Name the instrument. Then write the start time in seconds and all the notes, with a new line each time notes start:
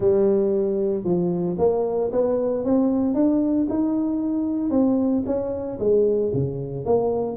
tuba
0.00 G3
1.04 F3
1.58 A#3
2.12 B3
2.64 C4
3.14 D4
3.69 D#4
4.70 C4
5.25 C#4
5.79 G#3
6.33 C#3
6.85 A#3